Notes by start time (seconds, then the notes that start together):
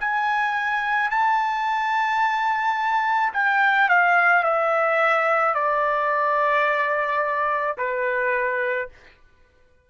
0.00 G#5
1.10 A5
3.33 G5
3.89 F5
4.43 E5
5.55 D5
7.77 B4